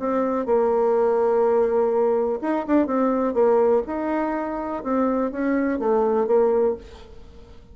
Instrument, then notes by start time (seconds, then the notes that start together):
bassoon
0.00 C4
0.46 A#3
2.42 D#4
2.67 D4
2.87 C4
3.35 A#3
3.87 D#4
4.84 C4
5.32 C#4
5.80 A3
6.27 A#3